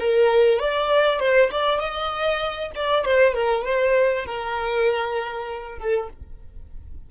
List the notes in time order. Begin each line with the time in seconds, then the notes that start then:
0.00 A#4
0.60 D5
1.20 C5
1.52 D5
1.80 D#5
2.76 D5
3.05 C5
3.35 A#4
3.65 C5
4.26 A#4
5.79 A4